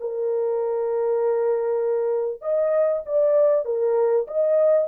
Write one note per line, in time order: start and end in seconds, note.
0.00 2.41 A#4
2.41 3.03 D#5
3.06 3.65 D5
3.65 4.26 A#4
4.27 4.88 D#5